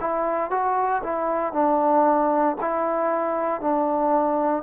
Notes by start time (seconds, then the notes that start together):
0.00 E4
0.50 F#4
1.03 E4
1.52 D4
2.61 E4
3.61 D4